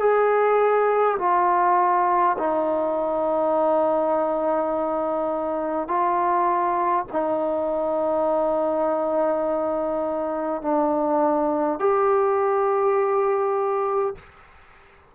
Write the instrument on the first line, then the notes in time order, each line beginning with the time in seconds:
trombone
0.00 G#4
1.19 F4
2.39 D#4
5.88 F4
7.12 D#4
10.62 D4
11.80 G4